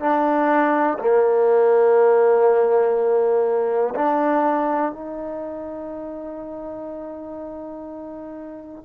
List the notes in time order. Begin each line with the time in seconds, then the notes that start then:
0.00 D4
1.00 A#3
3.95 D4
4.93 D#4